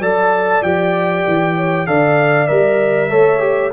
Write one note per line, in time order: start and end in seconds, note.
0.00 0.62 F#3
0.00 0.63 A4
0.00 1.55 D5
0.00 0.63 A5
0.62 1.24 F3
0.62 1.87 G4
0.62 1.87 G5
1.27 1.87 E3
1.56 1.87 C#5
1.87 2.49 D3
1.87 2.48 A4
1.87 3.10 D5
1.87 2.47 F5
2.47 3.12 G3
2.47 3.10 A#4
2.47 3.71 E5
3.10 3.73 A3
3.10 3.40 A4
3.10 3.72 C#5
3.40 3.71 G4